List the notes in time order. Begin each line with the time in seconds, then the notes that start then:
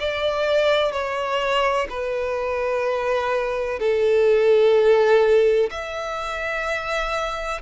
0.00 D5
0.92 C#5
1.90 B4
3.80 A4
5.71 E5